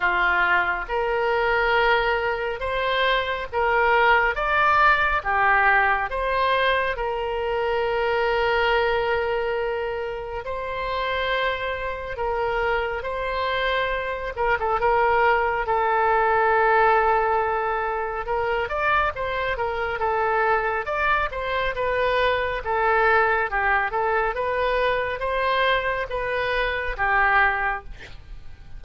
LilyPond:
\new Staff \with { instrumentName = "oboe" } { \time 4/4 \tempo 4 = 69 f'4 ais'2 c''4 | ais'4 d''4 g'4 c''4 | ais'1 | c''2 ais'4 c''4~ |
c''8 ais'16 a'16 ais'4 a'2~ | a'4 ais'8 d''8 c''8 ais'8 a'4 | d''8 c''8 b'4 a'4 g'8 a'8 | b'4 c''4 b'4 g'4 | }